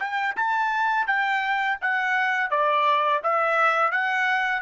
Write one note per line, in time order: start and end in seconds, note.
0.00 0.36 G5
0.37 1.07 A5
1.07 1.79 G5
1.82 2.51 F#5
2.51 3.22 D5
3.24 3.92 E5
3.92 4.62 F#5